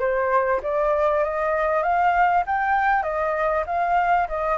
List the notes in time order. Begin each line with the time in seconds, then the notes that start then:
0.00 C5
0.63 D5
1.24 D#5
1.83 F5
2.47 G5
3.03 D#5
3.67 F5
4.29 D#5